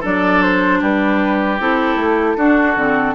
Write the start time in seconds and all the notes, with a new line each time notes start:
0.00 F#3 D4 A4 D5
0.42 C5
0.81 G3 G4 B4
1.59 C4 E4 A4
1.95 A3
2.37 D4 F#4
2.76 D3 C4